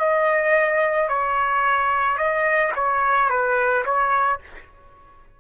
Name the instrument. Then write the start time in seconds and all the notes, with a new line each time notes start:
trumpet
0.00 D#5
1.09 C#5
2.18 D#5
2.76 C#5
3.30 B4
3.86 C#5